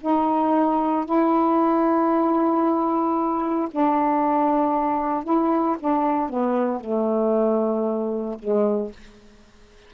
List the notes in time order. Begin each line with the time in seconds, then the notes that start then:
0.00 D#4
1.05 E4
3.71 D4
5.23 E4
5.79 D4
6.29 B3
6.80 A3
8.39 G#3